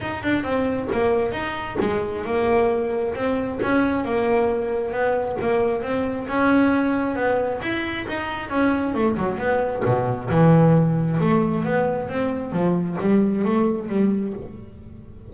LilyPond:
\new Staff \with { instrumentName = "double bass" } { \time 4/4 \tempo 4 = 134 dis'8 d'8 c'4 ais4 dis'4 | gis4 ais2 c'4 | cis'4 ais2 b4 | ais4 c'4 cis'2 |
b4 e'4 dis'4 cis'4 | a8 fis8 b4 b,4 e4~ | e4 a4 b4 c'4 | f4 g4 a4 g4 | }